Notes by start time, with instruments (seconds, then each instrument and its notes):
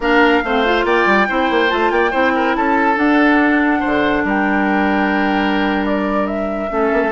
0.00 bassoon A#3, clarinet D4, oboe A#4, flute F5
0.43 bassoon A3, clarinet C4, oboe C5
0.65 clarinet F4
0.84 bassoon A#3, oboe D5, flute G5
1.06 bassoon G3
1.28 bassoon C4, clarinet E4, oboe C5
1.50 bassoon A#3
1.68 bassoon A3, clarinet F4, flute A5
1.90 bassoon A#3, oboe D5, flute G5
2.10 bassoon C4, clarinet E4, oboe C5
2.34 oboe A#4
2.55 bassoon C#4, oboe A4, flute A5
2.95 clarinet D4, bassoon D4, flute F#5
3.80 bassoon D3, oboe C5
4.24 bassoon G3, oboe A#4, flute G5
5.85 flute D5
6.26 flute E5
6.69 bassoon A3, clarinet C#4, oboe A4
6.92 bassoon A#3
7.03 bassoon A3